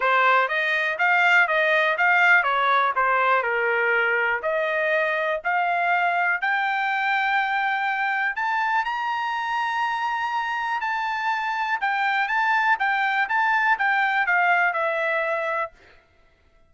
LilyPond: \new Staff \with { instrumentName = "trumpet" } { \time 4/4 \tempo 4 = 122 c''4 dis''4 f''4 dis''4 | f''4 cis''4 c''4 ais'4~ | ais'4 dis''2 f''4~ | f''4 g''2.~ |
g''4 a''4 ais''2~ | ais''2 a''2 | g''4 a''4 g''4 a''4 | g''4 f''4 e''2 | }